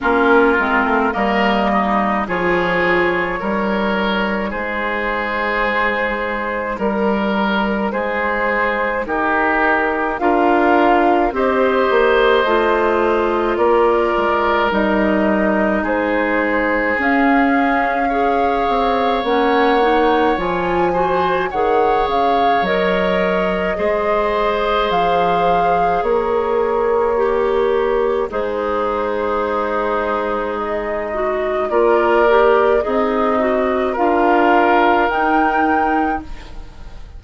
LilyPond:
<<
  \new Staff \with { instrumentName = "flute" } { \time 4/4 \tempo 4 = 53 ais'4 dis''4 cis''2 | c''2 ais'4 c''4 | ais'4 f''4 dis''2 | d''4 dis''4 c''4 f''4~ |
f''4 fis''4 gis''4 fis''8 f''8 | dis''2 f''4 cis''4~ | cis''4 c''2 dis''4 | d''4 dis''4 f''4 g''4 | }
  \new Staff \with { instrumentName = "oboe" } { \time 4/4 f'4 ais'8 dis'8 gis'4 ais'4 | gis'2 ais'4 gis'4 | g'4 ais'4 c''2 | ais'2 gis'2 |
cis''2~ cis''8 c''8 cis''4~ | cis''4 c''2 ais'4~ | ais'4 dis'2. | ais'4 dis'4 ais'2 | }
  \new Staff \with { instrumentName = "clarinet" } { \time 4/4 cis'8 c'8 ais4 f'4 dis'4~ | dis'1~ | dis'4 f'4 g'4 f'4~ | f'4 dis'2 cis'4 |
gis'4 cis'8 dis'8 f'8 fis'8 gis'4 | ais'4 gis'2. | g'4 gis'2~ gis'8 fis'8 | f'8 g'8 gis'8 fis'8 f'4 dis'4 | }
  \new Staff \with { instrumentName = "bassoon" } { \time 4/4 ais8 gis16 a16 g4 f4 g4 | gis2 g4 gis4 | dis'4 d'4 c'8 ais8 a4 | ais8 gis8 g4 gis4 cis'4~ |
cis'8 c'8 ais4 f4 dis8 cis8 | fis4 gis4 f4 ais4~ | ais4 gis2. | ais4 c'4 d'4 dis'4 | }
>>